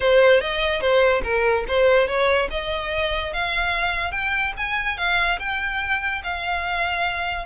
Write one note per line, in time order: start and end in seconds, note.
0.00 0.40 C5
0.40 0.80 D#5
0.80 1.22 C5
1.23 1.64 A#4
1.68 2.07 C5
2.07 2.48 C#5
2.50 3.33 D#5
3.33 4.11 F5
4.11 4.53 G5
4.57 4.97 G#5
4.97 5.38 F5
5.39 6.22 G5
6.23 7.46 F5